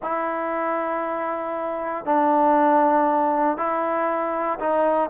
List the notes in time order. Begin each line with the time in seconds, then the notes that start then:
0.02 E4
2.05 D4
3.57 E4
4.59 D#4